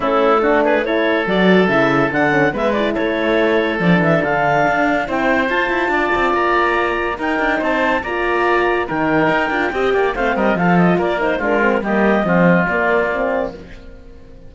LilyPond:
<<
  \new Staff \with { instrumentName = "clarinet" } { \time 4/4 \tempo 4 = 142 a'4. b'8 cis''4 d''4 | e''4 fis''4 e''8 d''8 cis''4~ | cis''4 d''8 e''8 f''2 | g''4 a''2 ais''4~ |
ais''4 g''4 a''4 ais''4~ | ais''4 g''2. | f''8 dis''8 f''8 dis''8 d''8 c''8 ais'4 | dis''2 d''2 | }
  \new Staff \with { instrumentName = "oboe" } { \time 4/4 e'4 fis'8 gis'8 a'2~ | a'2 b'4 a'4~ | a'1 | c''2 d''2~ |
d''4 ais'4 c''4 d''4~ | d''4 ais'2 dis''8 d''8 | c''8 ais'8 a'4 ais'4 f'4 | g'4 f'2. | }
  \new Staff \with { instrumentName = "horn" } { \time 4/4 cis'4 d'4 e'4 fis'4 | e'4 d'8 cis'8 b8 e'4.~ | e'4 d'2. | e'4 f'2.~ |
f'4 dis'2 f'4~ | f'4 dis'4. f'8 g'4 | c'4 f'4. dis'8 d'8 c'8 | ais4 c'4 ais4 c'4 | }
  \new Staff \with { instrumentName = "cello" } { \time 4/4 a2. fis4 | cis4 d4 gis4 a4~ | a4 f8 e8 d4 d'4 | c'4 f'8 e'8 d'8 c'8 ais4~ |
ais4 dis'8 d'8 c'4 ais4~ | ais4 dis4 dis'8 d'8 c'8 ais8 | a8 g8 f4 ais4 gis4 | g4 f4 ais2 | }
>>